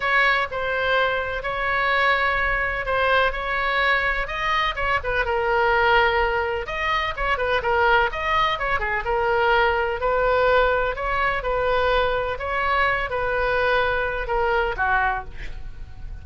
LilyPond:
\new Staff \with { instrumentName = "oboe" } { \time 4/4 \tempo 4 = 126 cis''4 c''2 cis''4~ | cis''2 c''4 cis''4~ | cis''4 dis''4 cis''8 b'8 ais'4~ | ais'2 dis''4 cis''8 b'8 |
ais'4 dis''4 cis''8 gis'8 ais'4~ | ais'4 b'2 cis''4 | b'2 cis''4. b'8~ | b'2 ais'4 fis'4 | }